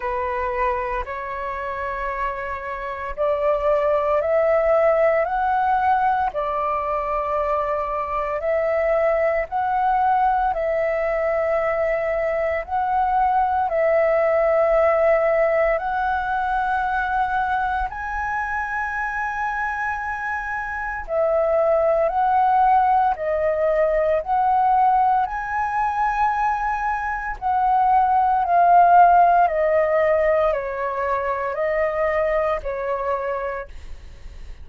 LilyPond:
\new Staff \with { instrumentName = "flute" } { \time 4/4 \tempo 4 = 57 b'4 cis''2 d''4 | e''4 fis''4 d''2 | e''4 fis''4 e''2 | fis''4 e''2 fis''4~ |
fis''4 gis''2. | e''4 fis''4 dis''4 fis''4 | gis''2 fis''4 f''4 | dis''4 cis''4 dis''4 cis''4 | }